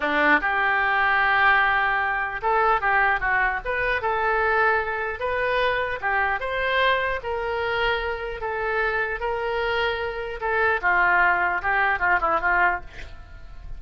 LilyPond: \new Staff \with { instrumentName = "oboe" } { \time 4/4 \tempo 4 = 150 d'4 g'2.~ | g'2 a'4 g'4 | fis'4 b'4 a'2~ | a'4 b'2 g'4 |
c''2 ais'2~ | ais'4 a'2 ais'4~ | ais'2 a'4 f'4~ | f'4 g'4 f'8 e'8 f'4 | }